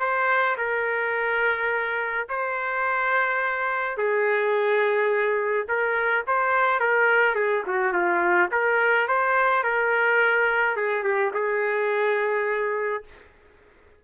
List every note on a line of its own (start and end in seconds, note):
0.00 0.57 C5
0.58 2.28 A#4
2.30 3.98 C5
3.98 5.68 G#4
5.69 6.25 A#4
6.27 6.80 C5
6.80 7.36 A#4
7.36 7.64 G#4
7.67 7.93 F#4
7.93 8.50 F4
8.52 9.08 A#4
9.08 9.64 C5
9.64 10.77 A#4
10.77 11.04 G#4
11.04 11.32 G4
11.34 13.04 G#4